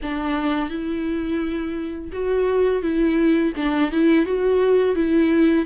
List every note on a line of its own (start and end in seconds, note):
0.02 0.69 D4
0.69 2.10 E4
2.12 2.82 F#4
2.82 3.53 E4
3.56 3.91 D4
3.91 4.25 E4
4.25 4.95 F#4
4.95 5.65 E4